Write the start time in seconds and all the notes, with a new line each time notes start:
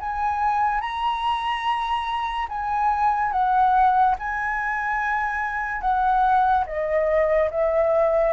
0.00 G#5
0.81 A#5
2.48 G#5
3.32 F#5
4.19 G#5
5.81 F#5
6.66 D#5
7.50 E5